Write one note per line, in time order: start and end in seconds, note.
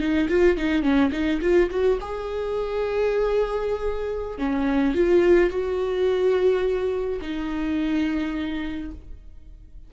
0.00 0.28 D#4
0.29 0.57 F4
0.57 0.83 D#4
0.83 1.11 C#4
1.12 1.40 D#4
1.42 1.70 F4
1.70 1.99 F#4
2.00 4.38 G#4
4.38 4.95 C#4
4.95 5.50 F4
5.50 7.20 F#4
7.21 8.91 D#4